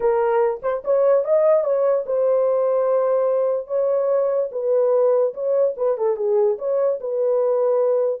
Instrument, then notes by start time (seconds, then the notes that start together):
horn
0.00 A#4
0.62 C5
0.84 C#5
1.24 D#5
1.63 C#5
2.05 C5
3.67 C#5
4.51 B4
5.33 C#5
5.76 B4
5.97 A4
6.16 G#4
6.58 C#5
7.00 B4